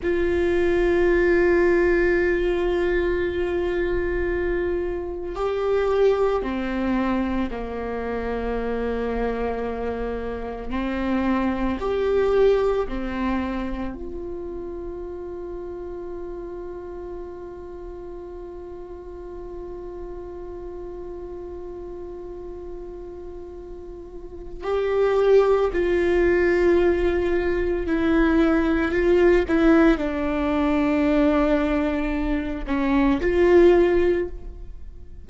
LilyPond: \new Staff \with { instrumentName = "viola" } { \time 4/4 \tempo 4 = 56 f'1~ | f'4 g'4 c'4 ais4~ | ais2 c'4 g'4 | c'4 f'2.~ |
f'1~ | f'2. g'4 | f'2 e'4 f'8 e'8 | d'2~ d'8 cis'8 f'4 | }